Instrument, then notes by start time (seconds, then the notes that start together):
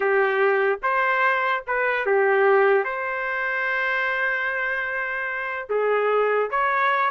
trumpet
0.00 G4
0.82 C5
1.67 B4
2.06 G4
2.84 C5
5.69 G#4
6.50 C#5